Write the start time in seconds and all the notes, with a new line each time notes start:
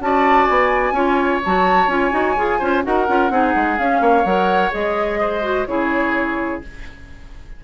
0.00 C#4 F#4 D5 A5
0.46 B3 G#5
0.91 C#4 F4 C#5
1.45 F#3 F#4 A5
1.87 C#4 F4 G#5
2.11 D#4 F#4
2.36 F4 G#4
2.59 C#4 F4 C5
2.83 D#4 F#4 A#4 F#5
3.07 C#4 F4
3.30 C4 D#4 G#4
3.55 G#3
3.79 C#4 F5
4.01 A#3 C#5
4.25 F#3 A#4 F#5
4.71 G#3 G#4 D#5
5.20 C5
5.42 F#4
5.66 C#3 E4 G#4 C#5